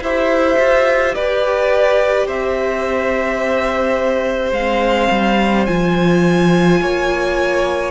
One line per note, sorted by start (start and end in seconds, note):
0.00 0.57 E4
0.00 4.56 G4
0.00 1.15 C5
0.00 1.14 E5
0.59 1.16 F4
1.14 2.28 G4
1.14 2.27 B4
1.14 2.28 D5
2.27 4.51 C4
2.27 6.80 C5
2.27 4.53 E5
4.51 5.08 G#3
4.51 5.68 C4
4.51 5.66 F5
5.11 5.68 G3
5.66 6.82 F3
5.66 7.91 F4
5.66 7.91 G#5
6.81 7.91 A#3
6.81 7.91 C#5